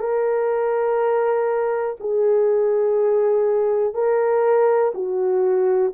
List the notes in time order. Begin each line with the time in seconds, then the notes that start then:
0.00 A#4
2.00 G#4
3.94 A#4
4.94 F#4